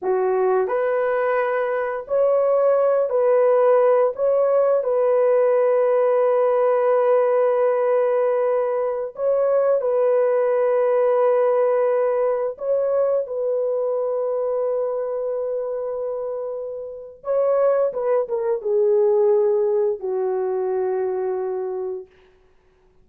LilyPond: \new Staff \with { instrumentName = "horn" } { \time 4/4 \tempo 4 = 87 fis'4 b'2 cis''4~ | cis''8 b'4. cis''4 b'4~ | b'1~ | b'4~ b'16 cis''4 b'4.~ b'16~ |
b'2~ b'16 cis''4 b'8.~ | b'1~ | b'4 cis''4 b'8 ais'8 gis'4~ | gis'4 fis'2. | }